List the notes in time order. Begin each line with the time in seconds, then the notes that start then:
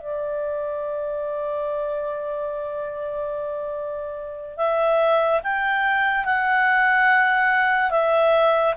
0.00 D5
4.57 E5
5.43 G5
6.25 F#5
7.90 E5